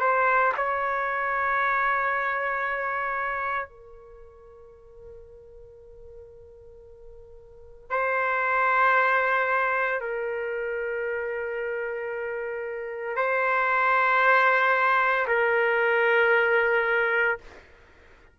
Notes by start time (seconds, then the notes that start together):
0.00 C5
0.57 C#5
3.69 A#4
7.90 C5
10.01 A#4
13.16 C5
15.27 A#4